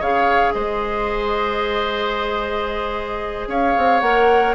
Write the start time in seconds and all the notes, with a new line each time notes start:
0.00 C#3 G#4 C#5 F5
0.53 G#3 C5 D#5
3.47 C#4 C#5 F5
3.77 C4
4.00 A#3 A#4 F#5